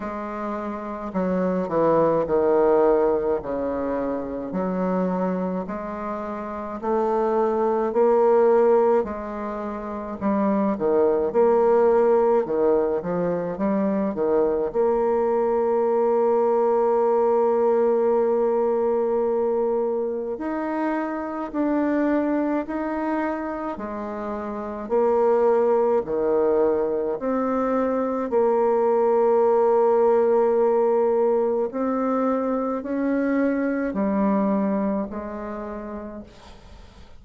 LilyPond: \new Staff \with { instrumentName = "bassoon" } { \time 4/4 \tempo 4 = 53 gis4 fis8 e8 dis4 cis4 | fis4 gis4 a4 ais4 | gis4 g8 dis8 ais4 dis8 f8 | g8 dis8 ais2.~ |
ais2 dis'4 d'4 | dis'4 gis4 ais4 dis4 | c'4 ais2. | c'4 cis'4 g4 gis4 | }